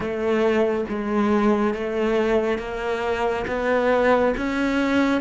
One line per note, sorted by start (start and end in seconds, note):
0.00 0.84 A3
0.89 1.74 G#3
1.74 2.58 A3
2.58 3.45 A#3
3.47 4.34 B3
4.37 5.21 C#4